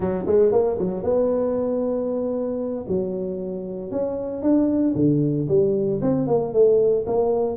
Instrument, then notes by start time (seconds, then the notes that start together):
tuba
0.00 F#3
0.26 G#3
0.51 A#3
0.78 F#3
1.03 B3
2.87 F#3
3.91 C#4
4.42 D4
4.95 D3
5.48 G3
6.01 C4
6.27 A#3
6.53 A3
7.06 A#3